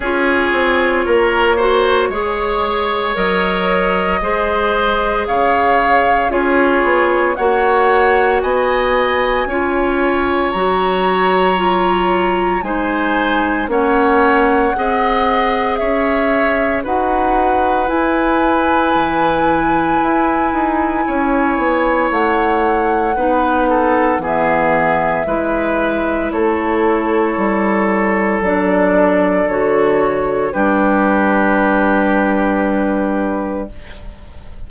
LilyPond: <<
  \new Staff \with { instrumentName = "flute" } { \time 4/4 \tempo 4 = 57 cis''2. dis''4~ | dis''4 f''4 cis''4 fis''4 | gis''2 ais''2 | gis''4 fis''2 e''4 |
fis''4 gis''2.~ | gis''4 fis''2 e''4~ | e''4 cis''2 d''4 | cis''4 b'2. | }
  \new Staff \with { instrumentName = "oboe" } { \time 4/4 gis'4 ais'8 c''8 cis''2 | c''4 cis''4 gis'4 cis''4 | dis''4 cis''2. | c''4 cis''4 dis''4 cis''4 |
b'1 | cis''2 b'8 a'8 gis'4 | b'4 a'2.~ | a'4 g'2. | }
  \new Staff \with { instrumentName = "clarinet" } { \time 4/4 f'4. fis'8 gis'4 ais'4 | gis'2 f'4 fis'4~ | fis'4 f'4 fis'4 f'4 | dis'4 cis'4 gis'2 |
fis'4 e'2.~ | e'2 dis'4 b4 | e'2. d'4 | fis'4 d'2. | }
  \new Staff \with { instrumentName = "bassoon" } { \time 4/4 cis'8 c'8 ais4 gis4 fis4 | gis4 cis4 cis'8 b8 ais4 | b4 cis'4 fis2 | gis4 ais4 c'4 cis'4 |
dis'4 e'4 e4 e'8 dis'8 | cis'8 b8 a4 b4 e4 | gis4 a4 g4 fis4 | d4 g2. | }
>>